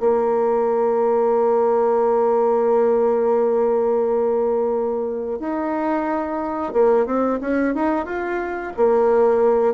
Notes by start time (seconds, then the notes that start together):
0.00 A#3
5.40 D#4
6.73 A#3
7.06 C4
7.41 C#4
7.74 D#4
8.06 F4
8.77 A#3